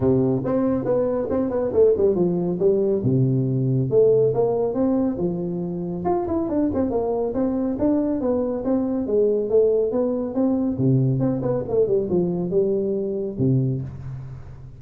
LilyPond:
\new Staff \with { instrumentName = "tuba" } { \time 4/4 \tempo 4 = 139 c4 c'4 b4 c'8 b8 | a8 g8 f4 g4 c4~ | c4 a4 ais4 c'4 | f2 f'8 e'8 d'8 c'8 |
ais4 c'4 d'4 b4 | c'4 gis4 a4 b4 | c'4 c4 c'8 b8 a8 g8 | f4 g2 c4 | }